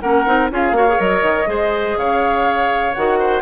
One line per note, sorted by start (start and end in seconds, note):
0.00 0.26 A#3
0.00 0.26 C#4
0.00 0.51 A#4
0.00 0.49 F#5
0.26 0.50 C4
0.26 0.50 D#4
0.51 0.71 C#4
0.51 0.74 F4
0.51 0.76 G#4
0.51 1.00 F5
0.71 0.96 A#3
0.71 0.87 F#4
0.71 1.49 C#5
0.88 0.97 G#4
0.97 1.22 F#3
0.97 1.46 A#4
0.97 1.97 D#5
1.22 1.46 D#3
1.46 1.96 G#3
1.46 2.93 G#4
1.46 1.98 C5
1.97 2.95 C#3
1.97 3.19 C#5
1.97 2.94 F5
2.94 3.42 D#3
2.94 3.42 F#4
2.94 3.42 F#5
3.19 3.42 C5